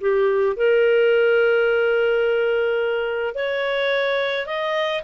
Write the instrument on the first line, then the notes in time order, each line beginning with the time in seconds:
clarinet
0.00 G4
0.56 A#4
3.34 C#5
4.46 D#5